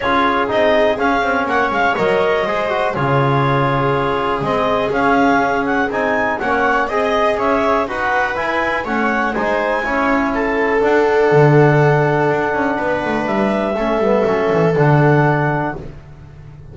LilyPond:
<<
  \new Staff \with { instrumentName = "clarinet" } { \time 4/4 \tempo 4 = 122 cis''4 dis''4 f''4 fis''8 f''8 | dis''2 cis''2~ | cis''4 dis''4 f''4. fis''8 | gis''4 fis''4 dis''4 e''4 |
fis''4 gis''4 fis''4 gis''4~ | gis''4 a''4 fis''2~ | fis''2. e''4~ | e''2 fis''2 | }
  \new Staff \with { instrumentName = "viola" } { \time 4/4 gis'2. cis''4~ | cis''4 c''4 gis'2~ | gis'1~ | gis'4 cis''4 dis''4 cis''4 |
b'2 cis''4 c''4 | cis''4 a'2.~ | a'2 b'2 | a'1 | }
  \new Staff \with { instrumentName = "trombone" } { \time 4/4 f'4 dis'4 cis'2 | ais'4 gis'8 fis'8 f'2~ | f'4 c'4 cis'2 | dis'4 cis'4 gis'2 |
fis'4 e'4 cis'4 dis'4 | e'2 d'2~ | d'1 | cis'8 b8 cis'4 d'2 | }
  \new Staff \with { instrumentName = "double bass" } { \time 4/4 cis'4 c'4 cis'8 c'8 ais8 gis8 | fis4 gis4 cis2~ | cis4 gis4 cis'2 | c'4 ais4 c'4 cis'4 |
dis'4 e'4 a4 gis4 | cis'2 d'4 d4~ | d4 d'8 cis'8 b8 a8 g4 | a8 g8 fis8 e8 d2 | }
>>